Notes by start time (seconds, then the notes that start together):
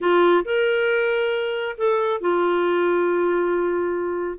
0.00 F4
0.45 A#4
1.77 A4
2.20 F4